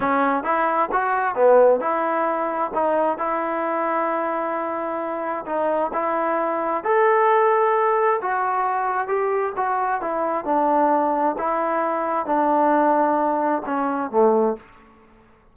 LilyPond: \new Staff \with { instrumentName = "trombone" } { \time 4/4 \tempo 4 = 132 cis'4 e'4 fis'4 b4 | e'2 dis'4 e'4~ | e'1 | dis'4 e'2 a'4~ |
a'2 fis'2 | g'4 fis'4 e'4 d'4~ | d'4 e'2 d'4~ | d'2 cis'4 a4 | }